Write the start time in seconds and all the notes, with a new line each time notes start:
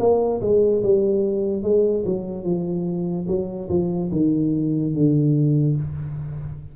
0.00 A#3
0.42 G#3
0.83 G3
1.63 G#3
2.05 F#3
2.44 F3
3.28 F#3
3.69 F3
4.12 D#3
4.94 D3